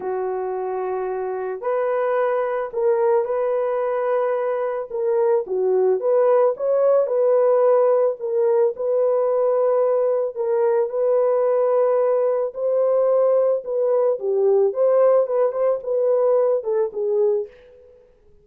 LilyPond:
\new Staff \with { instrumentName = "horn" } { \time 4/4 \tempo 4 = 110 fis'2. b'4~ | b'4 ais'4 b'2~ | b'4 ais'4 fis'4 b'4 | cis''4 b'2 ais'4 |
b'2. ais'4 | b'2. c''4~ | c''4 b'4 g'4 c''4 | b'8 c''8 b'4. a'8 gis'4 | }